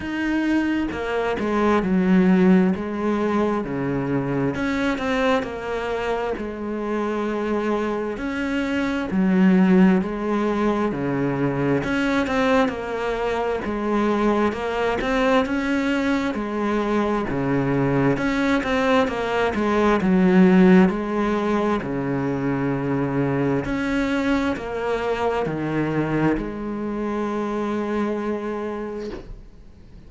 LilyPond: \new Staff \with { instrumentName = "cello" } { \time 4/4 \tempo 4 = 66 dis'4 ais8 gis8 fis4 gis4 | cis4 cis'8 c'8 ais4 gis4~ | gis4 cis'4 fis4 gis4 | cis4 cis'8 c'8 ais4 gis4 |
ais8 c'8 cis'4 gis4 cis4 | cis'8 c'8 ais8 gis8 fis4 gis4 | cis2 cis'4 ais4 | dis4 gis2. | }